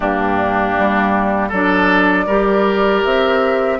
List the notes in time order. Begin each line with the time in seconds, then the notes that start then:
0.00 G2 A#3 D4 G4
0.78 G3
1.48 F#3 D4 A4 D5
2.26 G3 G4 A#4
3.04 C4 E5